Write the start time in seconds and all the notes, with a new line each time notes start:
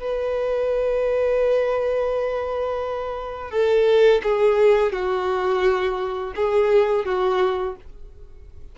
0.00 B4
3.51 A4
4.24 G#4
4.93 F#4
6.36 G#4
7.06 F#4